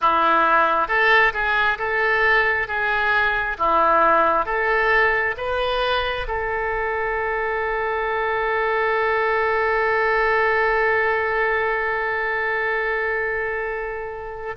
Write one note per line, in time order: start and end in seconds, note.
0.01 0.88 E4
0.88 1.32 A4
1.33 1.77 G#4
1.78 2.67 A4
2.67 3.57 G#4
3.58 4.45 E4
4.45 5.35 A4
5.37 6.26 B4
6.27 14.55 A4